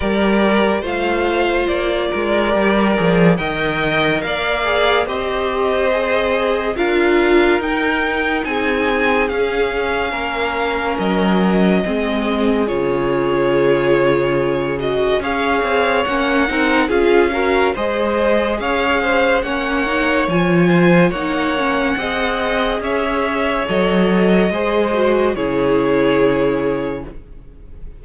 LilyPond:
<<
  \new Staff \with { instrumentName = "violin" } { \time 4/4 \tempo 4 = 71 d''4 f''4 d''2 | g''4 f''4 dis''2 | f''4 g''4 gis''4 f''4~ | f''4 dis''2 cis''4~ |
cis''4. dis''8 f''4 fis''4 | f''4 dis''4 f''4 fis''4 | gis''4 fis''2 e''4 | dis''2 cis''2 | }
  \new Staff \with { instrumentName = "violin" } { \time 4/4 ais'4 c''4. ais'4. | dis''4 d''4 c''2 | ais'2 gis'2 | ais'2 gis'2~ |
gis'2 cis''4. ais'8 | gis'8 ais'8 c''4 cis''8 c''8 cis''4~ | cis''8 c''8 cis''4 dis''4 cis''4~ | cis''4 c''4 gis'2 | }
  \new Staff \with { instrumentName = "viola" } { \time 4/4 g'4 f'2 g'8 gis'8 | ais'4. gis'8 g'4 gis'4 | f'4 dis'2 cis'4~ | cis'2 c'4 f'4~ |
f'4. fis'8 gis'4 cis'8 dis'8 | f'8 fis'8 gis'2 cis'8 dis'8 | f'4 dis'8 cis'8 gis'2 | a'4 gis'8 fis'8 e'2 | }
  \new Staff \with { instrumentName = "cello" } { \time 4/4 g4 a4 ais8 gis8 g8 f8 | dis4 ais4 c'2 | d'4 dis'4 c'4 cis'4 | ais4 fis4 gis4 cis4~ |
cis2 cis'8 c'8 ais8 c'8 | cis'4 gis4 cis'4 ais4 | f4 ais4 c'4 cis'4 | fis4 gis4 cis2 | }
>>